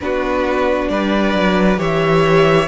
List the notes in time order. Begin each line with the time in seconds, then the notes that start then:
0.00 B3 D4 F#4 B4
0.88 G3 B4 D5
1.34 F#3
1.77 E3 G4 C#5 E5